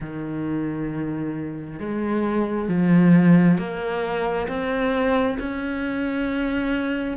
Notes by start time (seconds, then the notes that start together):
0.00 D#3
1.79 G#3
2.68 F3
3.57 A#3
4.48 C4
5.39 C#4